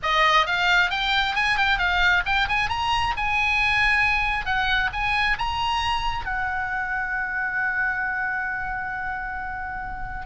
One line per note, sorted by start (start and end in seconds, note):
0.02 0.46 D#5
0.46 0.90 F5
0.90 1.35 G5
1.35 1.57 G#5
1.57 1.78 G5
1.78 2.23 F5
2.25 2.48 G5
2.48 2.69 G#5
2.69 3.14 A#5
3.16 4.45 G#5
4.45 4.90 F#5
4.93 5.37 G#5
5.38 6.25 A#5
6.25 10.26 F#5